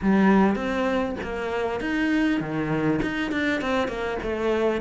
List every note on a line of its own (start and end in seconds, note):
0.01 0.55 G3
0.55 1.15 C4
1.23 1.80 A#3
1.80 2.40 D#4
2.40 3.00 D#3
3.02 3.31 D#4
3.31 3.61 D4
3.61 3.88 C4
3.88 4.18 A#3
4.22 4.81 A3